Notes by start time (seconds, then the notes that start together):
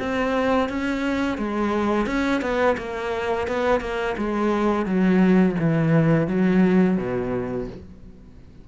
0.00 C4
0.69 C#4
1.38 G#3
2.07 C#4
2.42 B3
2.78 A#3
3.48 B3
3.81 A#3
4.18 G#3
4.86 F#3
5.59 E3
6.28 F#3
6.98 B2